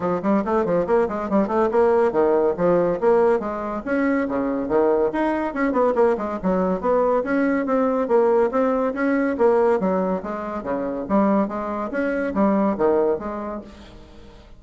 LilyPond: \new Staff \with { instrumentName = "bassoon" } { \time 4/4 \tempo 4 = 141 f8 g8 a8 f8 ais8 gis8 g8 a8 | ais4 dis4 f4 ais4 | gis4 cis'4 cis4 dis4 | dis'4 cis'8 b8 ais8 gis8 fis4 |
b4 cis'4 c'4 ais4 | c'4 cis'4 ais4 fis4 | gis4 cis4 g4 gis4 | cis'4 g4 dis4 gis4 | }